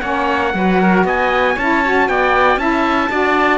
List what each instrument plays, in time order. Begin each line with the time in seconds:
0.00 cello A#3, saxophone C#4, oboe C#5, trumpet F#5
0.53 cello F#3, saxophone F#4, oboe B4
0.82 oboe A#4
1.04 cello B3, oboe D#5, trumpet G#5
1.54 cello C#4, saxophone E4, oboe C#5, trumpet A5
1.84 saxophone F#4
2.08 cello B3, oboe D5, trumpet G5
2.56 cello C#4, saxophone E4, oboe E5, trumpet A5
3.10 cello D4, saxophone F#4, oboe D5